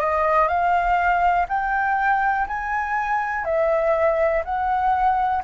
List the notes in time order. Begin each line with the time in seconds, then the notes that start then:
0.00 D#5
0.48 F5
1.49 G5
2.48 G#5
3.45 E5
4.45 F#5